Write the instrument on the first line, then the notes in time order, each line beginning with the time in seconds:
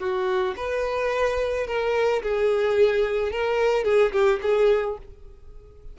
violin
0.00 F#4
0.57 B4
1.68 A#4
2.23 G#4
3.33 A#4
3.85 G#4
4.13 G4
4.43 G#4